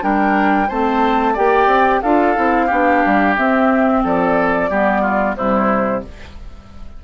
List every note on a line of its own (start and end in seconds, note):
0.00 0.69 G3
0.00 0.67 D4
0.00 0.68 A#4
0.00 0.69 G5
0.68 1.37 A3
0.68 1.36 C4
0.68 1.33 C5
0.68 1.36 A5
1.33 1.67 A#3
1.33 2.02 G4
1.33 2.00 D5
1.33 2.02 G5
1.67 2.00 C4
2.02 2.37 D4
2.02 2.35 F4
2.02 2.66 A4
2.02 3.35 F5
2.35 2.70 C4
2.35 2.68 E4
2.66 3.04 B3
2.66 3.37 D4
2.66 4.00 G4
3.05 3.37 G3
3.36 4.69 C4
3.36 4.04 C4
3.36 4.03 E5
4.04 4.70 F3
4.04 4.70 A4
4.04 5.36 D5
4.69 5.36 G3
4.69 5.36 B3
4.69 5.01 G4
5.01 5.34 F4
5.36 6.04 C3
5.36 6.03 G3
5.36 6.04 E4
5.36 6.03 C5